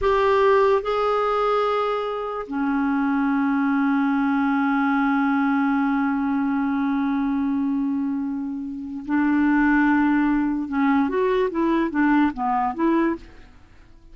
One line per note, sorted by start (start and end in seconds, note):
0.01 0.82 G4
0.82 2.46 G#4
2.47 9.04 C#4
9.05 10.68 D4
10.68 11.08 C#4
11.08 11.49 F#4
11.50 11.90 E4
11.90 12.31 D4
12.33 12.74 B3
12.74 13.15 E4